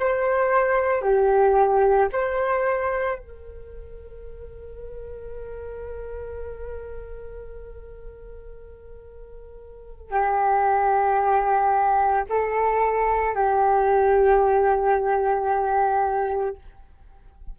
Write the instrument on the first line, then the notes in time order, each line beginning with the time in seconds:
flute
0.00 C5
1.02 G4
2.13 C5
3.19 A#4
10.12 G4
12.29 A4
13.35 G4